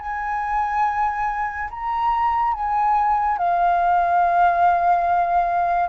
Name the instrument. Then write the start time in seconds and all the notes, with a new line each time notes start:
flute
0.00 G#5
1.71 A#5
2.54 G#5
3.38 F5